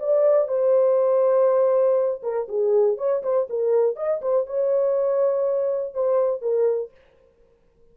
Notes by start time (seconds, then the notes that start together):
0.00 D5
0.48 C5
2.23 A#4
2.49 G#4
2.98 C#5
3.23 C5
3.50 A#4
3.96 D#5
4.22 C5
4.47 C#5
5.94 C5
6.42 A#4